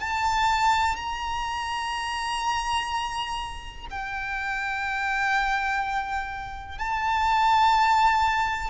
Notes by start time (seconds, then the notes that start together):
0.00 A5
0.96 A#5
3.91 G5
6.79 A5